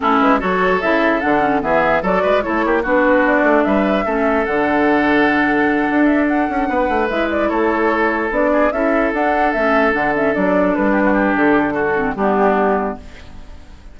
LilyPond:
<<
  \new Staff \with { instrumentName = "flute" } { \time 4/4 \tempo 4 = 148 a'8 b'8 cis''4 e''4 fis''4 | e''4 d''4 cis''4 b'4 | d''4 e''2 fis''4~ | fis''2. e''8 fis''8~ |
fis''4. e''8 d''8 cis''4.~ | cis''8 d''4 e''4 fis''4 e''8~ | e''8 fis''8 e''8 d''4 b'4. | a'2 g'2 | }
  \new Staff \with { instrumentName = "oboe" } { \time 4/4 e'4 a'2. | gis'4 a'8 b'8 a'8 g'8 fis'4~ | fis'4 b'4 a'2~ | a'1~ |
a'8 b'2 a'4.~ | a'4 gis'8 a'2~ a'8~ | a'2. g'16 fis'16 g'8~ | g'4 fis'4 d'2 | }
  \new Staff \with { instrumentName = "clarinet" } { \time 4/4 cis'4 fis'4 e'4 d'8 cis'8 | b4 fis'4 e'4 d'4~ | d'2 cis'4 d'4~ | d'1~ |
d'4. e'2~ e'8~ | e'8 d'4 e'4 d'4 cis'8~ | cis'8 d'8 cis'8 d'2~ d'8~ | d'4. c'8 b2 | }
  \new Staff \with { instrumentName = "bassoon" } { \time 4/4 a8 gis8 fis4 cis4 d4 | e4 fis8 gis8 a8 ais8 b4~ | b8 a8 g4 a4 d4~ | d2~ d8 d'4. |
cis'8 b8 a8 gis4 a4.~ | a8 b4 cis'4 d'4 a8~ | a8 d4 fis4 g4. | d2 g2 | }
>>